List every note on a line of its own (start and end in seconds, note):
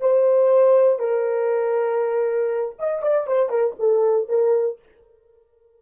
0.00 0.99 C5
0.99 2.75 A#4
2.78 3.02 D#5
3.02 3.27 D5
3.27 3.49 C5
3.49 3.74 A#4
3.79 4.28 A4
4.28 4.79 A#4